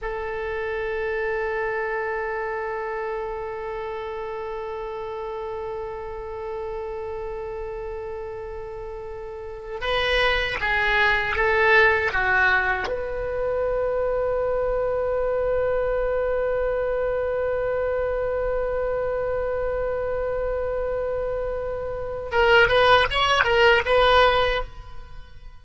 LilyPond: \new Staff \with { instrumentName = "oboe" } { \time 4/4 \tempo 4 = 78 a'1~ | a'1~ | a'1~ | a'8. b'4 gis'4 a'4 fis'16~ |
fis'8. b'2.~ b'16~ | b'1~ | b'1~ | b'4 ais'8 b'8 cis''8 ais'8 b'4 | }